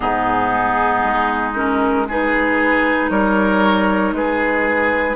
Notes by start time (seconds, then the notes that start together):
0.00 G#2 B3 D#4 G#4
1.03 G#3
1.55 C#4 A#4
2.08 D#4 G#4 B4
3.09 G3 A#4 C#5
4.11 G#3 G#4 B4